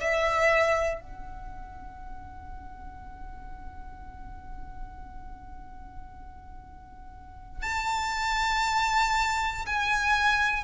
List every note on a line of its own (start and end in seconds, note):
0.00 1.01 E5
1.01 7.62 F#5
7.62 9.65 A5
9.66 10.64 G#5